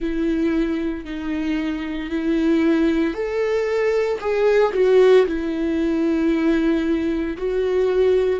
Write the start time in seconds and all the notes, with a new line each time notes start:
0.00 E4
1.04 D#4
2.10 E4
3.13 A4
4.20 G#4
4.73 F#4
5.26 E4
7.37 F#4